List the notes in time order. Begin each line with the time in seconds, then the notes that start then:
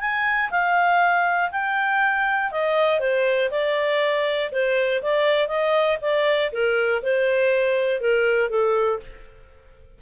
0.00 G#5
0.50 F5
1.51 G5
2.51 D#5
3.00 C5
3.50 D5
4.52 C5
5.02 D5
5.48 D#5
6.01 D5
6.52 A#4
7.02 C5
8.01 A#4
8.50 A4